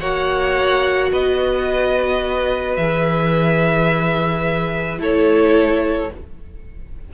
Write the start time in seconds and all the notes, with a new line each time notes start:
0.00 A#3 F#4 C#5 F#5
1.12 B3 B4 D#5
2.76 E3 G#4 E5
4.98 A3 E4 A4 C#5